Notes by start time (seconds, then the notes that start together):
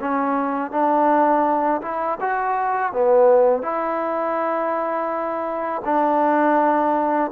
0.00 C#4
0.72 D4
1.82 E4
2.21 F#4
2.93 B3
3.63 E4
5.85 D4